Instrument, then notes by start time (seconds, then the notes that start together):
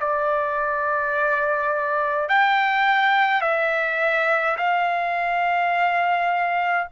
trumpet
0.00 D5
2.28 G5
3.41 E5
4.57 F5